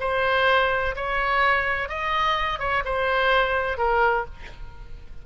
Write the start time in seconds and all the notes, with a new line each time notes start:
0.00 C5
0.96 C#5
1.89 D#5
2.59 C#5
2.85 C5
3.77 A#4